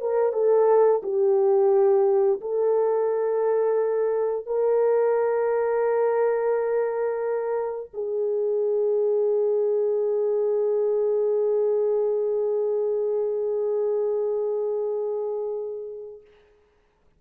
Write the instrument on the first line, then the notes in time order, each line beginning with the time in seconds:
horn
0.00 A#4
0.33 A4
1.03 G4
2.40 A4
4.46 A#4
7.93 G#4